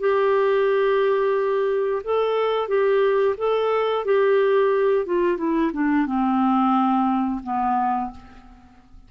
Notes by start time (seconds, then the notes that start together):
0.00 G4
2.04 A4
2.68 G4
3.38 A4
4.05 G4
5.06 F4
5.38 E4
5.73 D4
6.07 C4
7.44 B3